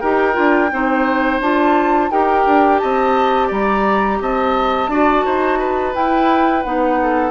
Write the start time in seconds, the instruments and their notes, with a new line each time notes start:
0.00 bassoon D#4, clarinet G4, oboe A#4, flute G5
0.33 bassoon D4, clarinet F4
0.72 bassoon C4, clarinet D#4, oboe C5
1.40 bassoon D4, clarinet F4, flute A5
2.10 bassoon D#4, clarinet G4, oboe A#4, flute G5
2.45 bassoon D4
2.79 bassoon C4, oboe D#5, flute A5
3.47 bassoon G3, oboe D5, flute A#5
4.21 bassoon C4, oboe D#5, flute A5
4.87 bassoon D4, clarinet F#4, oboe D5
5.25 bassoon D#4, oboe C5
5.59 oboe B4
5.93 clarinet E4, bassoon E4, flute G5
6.63 bassoon B3, clarinet D#4, flute F#5
7.02 oboe A4